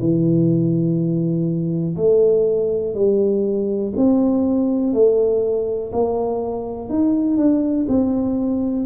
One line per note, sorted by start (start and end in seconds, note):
0.00 1.97 E3
1.97 2.95 A3
2.95 3.93 G3
3.97 4.94 C4
4.94 5.92 A3
5.93 6.90 A#3
6.90 7.38 D#4
7.38 7.87 D4
7.89 8.87 C4